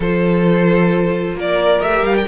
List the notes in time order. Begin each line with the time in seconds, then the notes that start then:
0.00 F3 F4 A4 C5
1.34 A#3 A#4 D5
1.80 A3 G4 E5
2.02 G3 F5
2.17 G5